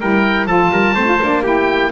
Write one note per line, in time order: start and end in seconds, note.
0.00 0.45 G3
0.00 0.47 E4
0.00 0.47 A#4
0.00 0.47 G5
0.45 0.69 F3
0.45 0.95 F4
0.45 0.71 A4
0.45 1.43 A5
0.70 0.94 G3
0.70 0.94 A#4
0.94 1.19 A3
0.94 1.05 C4
0.94 1.42 C5
1.05 1.17 F4
1.20 1.91 A#3
1.20 1.43 D4
1.42 1.91 E4
1.42 1.90 G4
1.42 1.91 G5